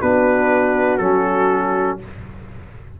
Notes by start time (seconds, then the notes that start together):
0.00 B3 D4 F#4 B4
0.97 F#3 C#4 A4